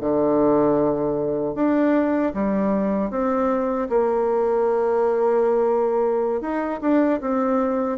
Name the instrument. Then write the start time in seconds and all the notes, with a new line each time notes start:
bassoon
0.00 D3
1.55 D4
2.34 G3
3.10 C4
3.89 A#3
6.41 D#4
6.81 D4
7.20 C4